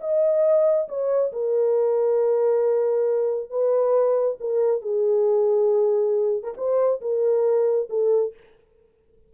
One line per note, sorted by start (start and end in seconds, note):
0.00 0.88 D#5
0.88 1.32 C#5
1.32 3.50 A#4
3.50 4.37 B4
4.40 4.81 A#4
4.81 6.43 G#4
6.43 6.54 A#4
6.57 7.01 C5
7.01 7.88 A#4
7.89 8.33 A4